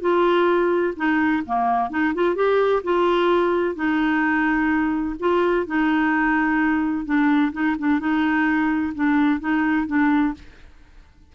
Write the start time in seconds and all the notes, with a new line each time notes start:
0.00 F4
0.96 D#4
1.46 A#3
1.90 D#4
2.14 F4
2.35 G4
2.83 F4
3.75 D#4
5.19 F4
5.66 D#4
7.05 D4
7.52 D#4
7.79 D4
7.99 D#4
8.95 D4
9.40 D#4
9.87 D4